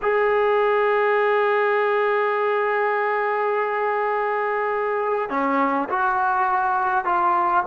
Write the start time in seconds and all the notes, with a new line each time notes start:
0.02 G#4
5.29 C#4
5.89 F#4
7.04 F4